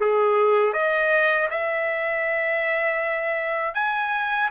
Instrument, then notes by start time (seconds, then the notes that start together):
trumpet
0.00 G#4
0.73 D#5
1.50 E5
3.74 G#5